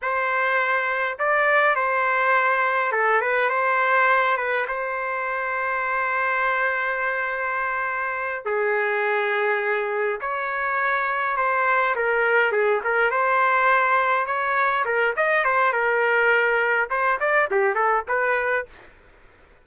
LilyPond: \new Staff \with { instrumentName = "trumpet" } { \time 4/4 \tempo 4 = 103 c''2 d''4 c''4~ | c''4 a'8 b'8 c''4. b'8 | c''1~ | c''2~ c''8 gis'4.~ |
gis'4. cis''2 c''8~ | c''8 ais'4 gis'8 ais'8 c''4.~ | c''8 cis''4 ais'8 dis''8 c''8 ais'4~ | ais'4 c''8 d''8 g'8 a'8 b'4 | }